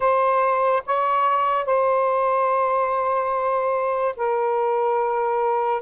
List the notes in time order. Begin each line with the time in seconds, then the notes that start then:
0.00 C5
0.86 C#5
1.65 C5
4.16 A#4